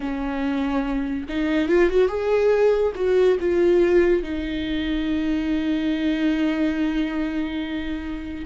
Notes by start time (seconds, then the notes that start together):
0.00 C#4
1.29 D#4
1.68 F4
1.89 F#4
2.07 G#4
2.95 F#4
3.40 F4
4.23 D#4